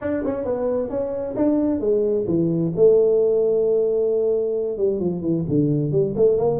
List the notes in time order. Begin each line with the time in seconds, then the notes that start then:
0.01 D4
0.25 C#4
0.44 B3
0.89 C#4
1.36 D4
1.80 G#3
2.27 E3
2.76 A3
4.77 G3
4.99 F3
5.21 E3
5.48 D3
5.91 G3
6.15 A3
6.37 A#3